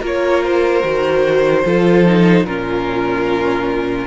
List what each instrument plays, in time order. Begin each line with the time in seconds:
0.00 cello A#3, viola F4, violin A#4 C#5
0.43 violin C5
0.83 cello D#3, viola F#4
1.65 cello F3, viola F4, violin A4
2.06 viola D#4
2.43 cello A#2, viola C#4, violin F4 A#4